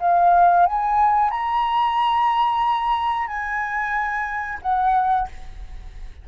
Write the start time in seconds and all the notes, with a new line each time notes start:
0.00 F5
0.66 G#5
1.30 A#5
3.27 G#5
4.62 F#5